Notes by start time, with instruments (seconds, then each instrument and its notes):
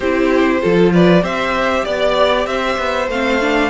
0.00 cello C4, viola E4, violin G4 C5
0.61 cello F3, viola F4, violin A4
0.92 violin B4 D5
1.21 cello C4, viola G4, violin C5 E5
1.84 cello B3, violin D5
2.46 cello C4, violin C5 E5
2.77 cello B3
3.08 cello A3, viola C4, violin F5
3.40 viola D4